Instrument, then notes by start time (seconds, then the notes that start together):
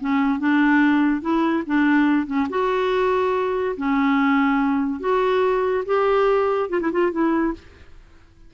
clarinet
0.00 C#4
0.39 D4
1.21 E4
1.66 D4
2.26 C#4
2.49 F#4
3.76 C#4
5.00 F#4
5.85 G4
6.69 F4
6.80 E4
6.92 F4
7.11 E4